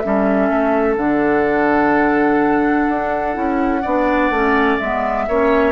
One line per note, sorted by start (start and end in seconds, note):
0.00 0.50 G3
0.00 0.98 C#4
0.00 0.95 E5
0.06 3.82 A4
0.50 0.97 A3
0.97 2.87 D3
0.97 3.34 D4
0.97 4.79 F#5
2.89 3.37 D4
3.34 3.84 C#4
3.34 3.81 E4
3.82 4.30 B3
3.82 4.33 D4
3.82 5.25 D5
4.30 4.78 A3
4.30 4.81 C#4
4.79 5.28 G#3
4.79 5.29 B3
4.79 5.73 E5
5.28 5.73 A#3
5.28 5.73 C#4
5.28 5.73 C#5